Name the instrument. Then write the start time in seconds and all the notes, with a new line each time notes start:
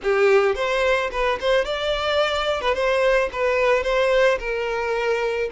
violin
0.02 G4
0.55 C5
1.11 B4
1.40 C5
1.65 D5
2.61 B4
2.74 C5
3.32 B4
3.83 C5
4.39 A#4